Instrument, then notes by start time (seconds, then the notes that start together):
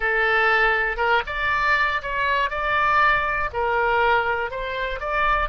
oboe
0.00 A4
0.96 A#4
1.26 D5
2.01 C#5
2.50 D5
3.52 A#4
4.50 C5
5.00 D5